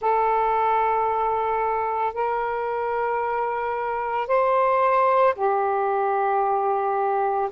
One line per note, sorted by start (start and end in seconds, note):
0.00 2.13 A4
2.13 4.27 A#4
4.27 5.34 C5
5.35 7.49 G4